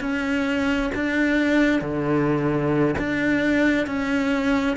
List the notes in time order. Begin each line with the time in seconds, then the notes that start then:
0.00 C#4
0.95 D4
1.81 D3
2.98 D4
3.86 C#4